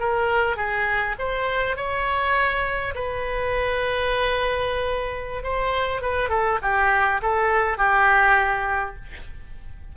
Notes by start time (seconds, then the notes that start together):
0.00 A#4
0.57 G#4
1.19 C5
1.77 C#5
2.95 B4
5.43 C5
6.02 B4
6.30 A4
6.63 G4
7.22 A4
7.78 G4